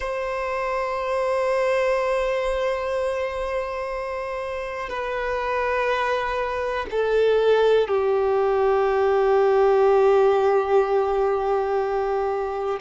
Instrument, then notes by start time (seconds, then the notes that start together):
violin
0.00 C5
4.89 B4
6.90 A4
7.87 G4